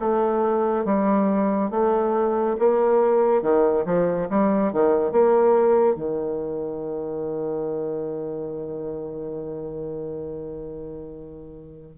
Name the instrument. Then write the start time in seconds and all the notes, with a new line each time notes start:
bassoon
0.00 A3
0.85 G3
1.71 A3
2.59 A#3
3.42 D#3
3.86 F3
4.31 G3
4.73 D#3
5.12 A#3
5.96 D#3